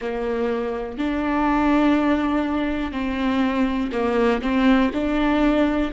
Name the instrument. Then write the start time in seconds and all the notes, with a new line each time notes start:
viola
0.00 A#3
0.98 D4
2.92 C4
3.92 A#3
4.41 C4
4.93 D4